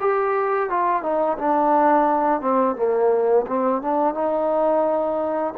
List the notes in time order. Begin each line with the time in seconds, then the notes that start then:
0.00 G4
0.70 F4
1.02 D#4
1.38 D4
2.41 C4
2.76 A#3
3.47 C4
3.82 D4
4.14 D#4